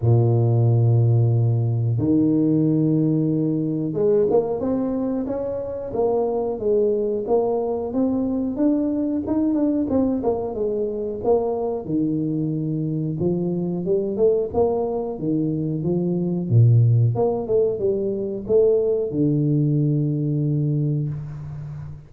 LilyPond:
\new Staff \with { instrumentName = "tuba" } { \time 4/4 \tempo 4 = 91 ais,2. dis4~ | dis2 gis8 ais8 c'4 | cis'4 ais4 gis4 ais4 | c'4 d'4 dis'8 d'8 c'8 ais8 |
gis4 ais4 dis2 | f4 g8 a8 ais4 dis4 | f4 ais,4 ais8 a8 g4 | a4 d2. | }